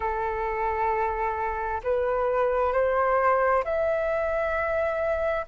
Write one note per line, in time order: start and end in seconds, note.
0.00 1.81 A4
1.83 2.72 B4
2.72 3.63 C5
3.64 5.45 E5